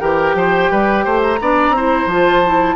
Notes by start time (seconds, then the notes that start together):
0.00 E3 G4 A#4 G5
0.34 F3 C5
0.71 G3 B4
1.05 A3 C5
1.23 A#5
1.40 B3 D4 D5
1.70 C4
1.76 E4 C5
2.06 F3 F4 A5
2.45 E4